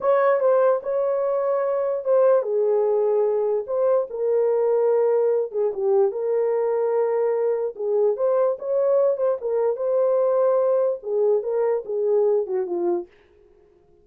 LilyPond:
\new Staff \with { instrumentName = "horn" } { \time 4/4 \tempo 4 = 147 cis''4 c''4 cis''2~ | cis''4 c''4 gis'2~ | gis'4 c''4 ais'2~ | ais'4. gis'8 g'4 ais'4~ |
ais'2. gis'4 | c''4 cis''4. c''8 ais'4 | c''2. gis'4 | ais'4 gis'4. fis'8 f'4 | }